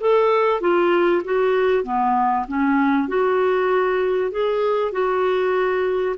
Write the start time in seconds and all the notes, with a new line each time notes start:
0.00 A4
0.61 F4
1.24 F#4
1.84 B3
2.48 C#4
3.08 F#4
4.31 G#4
4.92 F#4